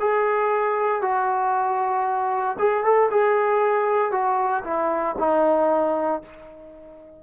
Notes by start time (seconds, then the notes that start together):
0.00 G#4
1.02 F#4
2.59 G#4
2.84 A4
3.11 G#4
4.11 F#4
4.64 E4
5.19 D#4